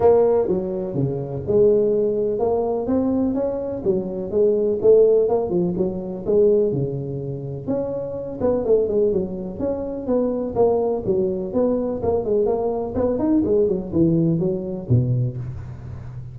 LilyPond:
\new Staff \with { instrumentName = "tuba" } { \time 4/4 \tempo 4 = 125 ais4 fis4 cis4 gis4~ | gis4 ais4 c'4 cis'4 | fis4 gis4 a4 ais8 f8 | fis4 gis4 cis2 |
cis'4. b8 a8 gis8 fis4 | cis'4 b4 ais4 fis4 | b4 ais8 gis8 ais4 b8 dis'8 | gis8 fis8 e4 fis4 b,4 | }